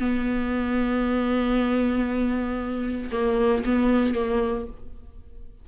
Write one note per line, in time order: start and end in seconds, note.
0.00 3.10 B3
3.12 3.64 A#3
3.65 4.15 B3
4.15 4.66 A#3